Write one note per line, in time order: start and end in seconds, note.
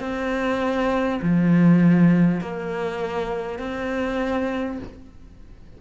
0.00 1.20 C4
1.22 2.40 F3
2.40 3.58 A#3
3.58 4.78 C4